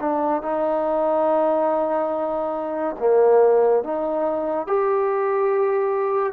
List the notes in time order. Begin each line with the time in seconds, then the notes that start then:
0.00 D4
0.42 D#4
2.98 A#3
3.83 D#4
4.67 G4